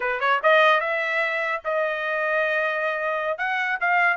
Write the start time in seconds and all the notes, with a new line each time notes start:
0.00 B4
0.20 C#5
0.42 D#5
0.80 E5
1.64 D#5
3.38 F#5
3.80 F5